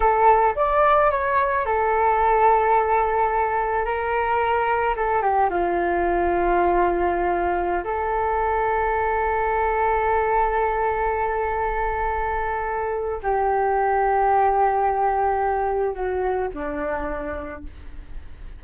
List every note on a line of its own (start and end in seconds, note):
0.00 0.54 A4
0.55 1.10 D5
1.11 1.65 C#5
1.65 3.85 A4
3.85 4.95 A#4
4.96 5.21 A4
5.21 5.49 G4
5.49 7.83 F4
7.83 13.20 A4
13.23 15.94 G4
15.94 16.49 F#4
16.54 17.64 D4